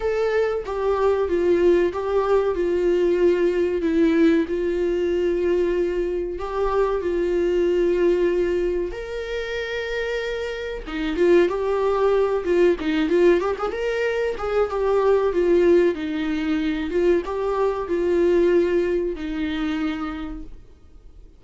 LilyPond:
\new Staff \with { instrumentName = "viola" } { \time 4/4 \tempo 4 = 94 a'4 g'4 f'4 g'4 | f'2 e'4 f'4~ | f'2 g'4 f'4~ | f'2 ais'2~ |
ais'4 dis'8 f'8 g'4. f'8 | dis'8 f'8 g'16 gis'16 ais'4 gis'8 g'4 | f'4 dis'4. f'8 g'4 | f'2 dis'2 | }